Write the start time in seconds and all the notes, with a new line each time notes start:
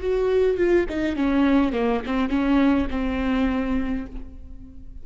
0.00 F#4
0.57 F4
0.89 D#4
1.16 C#4
1.72 A#3
2.05 C4
2.29 C#4
2.90 C4